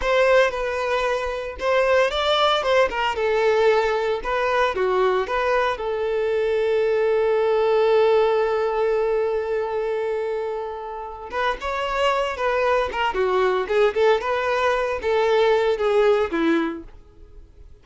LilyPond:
\new Staff \with { instrumentName = "violin" } { \time 4/4 \tempo 4 = 114 c''4 b'2 c''4 | d''4 c''8 ais'8 a'2 | b'4 fis'4 b'4 a'4~ | a'1~ |
a'1~ | a'4. b'8 cis''4. b'8~ | b'8 ais'8 fis'4 gis'8 a'8 b'4~ | b'8 a'4. gis'4 e'4 | }